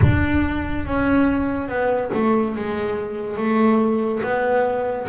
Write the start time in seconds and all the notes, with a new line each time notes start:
0.02 D4
0.85 C#4
1.68 B3
2.14 A3
2.55 G#3
3.36 A3
4.23 B3